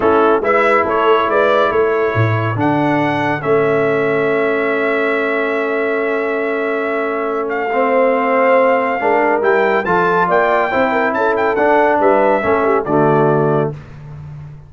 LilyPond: <<
  \new Staff \with { instrumentName = "trumpet" } { \time 4/4 \tempo 4 = 140 a'4 e''4 cis''4 d''4 | cis''2 fis''2 | e''1~ | e''1~ |
e''4. f''2~ f''8~ | f''2 g''4 a''4 | g''2 a''8 g''8 fis''4 | e''2 d''2 | }
  \new Staff \with { instrumentName = "horn" } { \time 4/4 e'4 b'4 a'4 b'4 | a'1~ | a'1~ | a'1~ |
a'2 c''2~ | c''4 ais'2 a'4 | d''4 c''8 ais'8 a'2 | b'4 a'8 g'8 fis'2 | }
  \new Staff \with { instrumentName = "trombone" } { \time 4/4 cis'4 e'2.~ | e'2 d'2 | cis'1~ | cis'1~ |
cis'2 c'2~ | c'4 d'4 e'4 f'4~ | f'4 e'2 d'4~ | d'4 cis'4 a2 | }
  \new Staff \with { instrumentName = "tuba" } { \time 4/4 a4 gis4 a4 gis4 | a4 a,4 d2 | a1~ | a1~ |
a1~ | a4 gis4 g4 f4 | ais4 c'4 cis'4 d'4 | g4 a4 d2 | }
>>